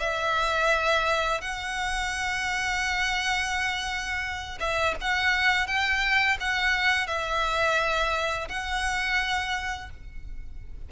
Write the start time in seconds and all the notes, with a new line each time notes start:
0.00 E5
1.41 F#5
4.59 E5
5.01 F#5
5.67 G5
6.40 F#5
7.07 E5
8.49 F#5